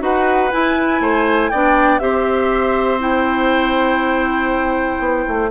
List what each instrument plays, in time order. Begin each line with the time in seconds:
0.00 bassoon D#4, clarinet F#4, oboe B4, flute F#5
0.52 clarinet E4, bassoon E4, flute G#5
1.00 bassoon A3, oboe C5
1.50 bassoon B3, clarinet D4, oboe D5, flute G5
1.99 bassoon C4, clarinet G4, oboe C5, flute E5
2.99 clarinet E4, flute G5
5.00 bassoon B3
5.28 bassoon A3